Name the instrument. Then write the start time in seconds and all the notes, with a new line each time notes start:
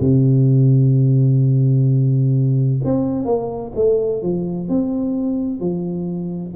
tuba
0.00 C3
2.84 C4
3.26 A#3
3.75 A3
4.23 F3
4.69 C4
5.60 F3